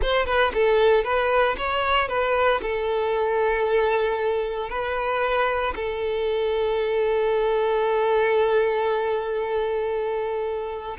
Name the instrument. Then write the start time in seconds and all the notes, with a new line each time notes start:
violin
0.01 C5
0.26 B4
0.54 A4
1.04 B4
1.57 C#5
2.08 B4
2.62 A4
4.69 B4
5.75 A4